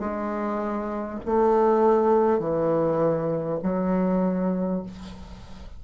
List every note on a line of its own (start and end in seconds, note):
0.00 1.20 G#3
1.26 2.39 A3
2.39 3.59 E3
3.63 4.83 F#3